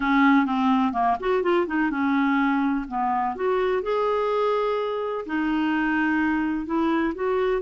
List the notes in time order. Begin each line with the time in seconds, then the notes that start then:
0.00 C#4
0.45 C4
0.92 A#3
1.20 F#4
1.42 F4
1.66 D#4
1.90 C#4
2.88 B3
3.35 F#4
3.82 G#4
5.26 D#4
6.65 E4
7.15 F#4